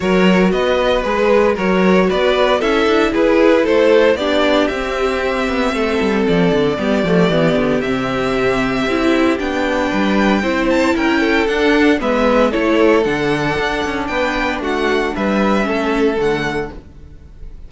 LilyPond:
<<
  \new Staff \with { instrumentName = "violin" } { \time 4/4 \tempo 4 = 115 cis''4 dis''4 b'4 cis''4 | d''4 e''4 b'4 c''4 | d''4 e''2. | d''2. e''4~ |
e''2 g''2~ | g''8 a''8 g''4 fis''4 e''4 | cis''4 fis''2 g''4 | fis''4 e''2 fis''4 | }
  \new Staff \with { instrumentName = "violin" } { \time 4/4 ais'4 b'2 ais'4 | b'4 a'4 gis'4 a'4 | g'2. a'4~ | a'4 g'2.~ |
g'2. b'4 | c''4 ais'8 a'4. b'4 | a'2. b'4 | fis'4 b'4 a'2 | }
  \new Staff \with { instrumentName = "viola" } { \time 4/4 fis'2 gis'4 fis'4~ | fis'4 e'2. | d'4 c'2.~ | c'4 b8 a8 b4 c'4~ |
c'4 e'4 d'2 | e'2 d'4 b4 | e'4 d'2.~ | d'2 cis'4 a4 | }
  \new Staff \with { instrumentName = "cello" } { \time 4/4 fis4 b4 gis4 fis4 | b4 cis'8 d'8 e'4 a4 | b4 c'4. b8 a8 g8 | f8 d8 g8 f8 e8 d8 c4~ |
c4 c'4 b4 g4 | c'4 cis'4 d'4 gis4 | a4 d4 d'8 cis'8 b4 | a4 g4 a4 d4 | }
>>